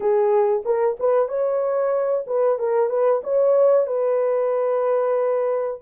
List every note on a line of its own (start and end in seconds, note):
0.00 0.63 G#4
0.65 0.97 A#4
0.99 1.28 B4
1.28 2.25 C#5
2.26 2.58 B4
2.58 2.89 A#4
2.89 3.21 B4
3.23 3.87 C#5
3.87 5.80 B4